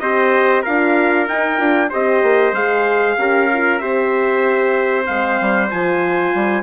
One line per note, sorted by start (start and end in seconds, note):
0.00 0.64 C4
0.00 0.65 G4
0.00 0.62 C5
0.00 0.63 D#5
0.62 1.29 D4
0.62 1.28 F4
0.62 1.88 A#4
0.62 1.28 F5
1.28 1.58 D#4
1.28 1.60 D#4
1.28 1.92 G5
1.58 1.91 D4
1.58 1.89 F4
1.90 2.23 C4
1.90 2.55 G4
1.90 3.16 C5
1.90 2.55 D#5
2.23 2.53 A#3
2.53 3.16 G#3
2.53 3.18 G#4
2.53 3.79 F5
3.18 3.81 C#4
3.18 3.50 G4
3.18 3.82 A#4
3.53 3.80 F4
3.79 5.08 C4
3.79 5.06 G4
3.79 6.63 C5
3.79 5.05 E5
5.06 5.41 G#3
5.06 5.70 C4
5.06 5.69 F5
5.41 5.72 G3
5.70 6.35 F3
5.70 6.63 F4
5.70 6.63 G#5
6.35 6.63 G3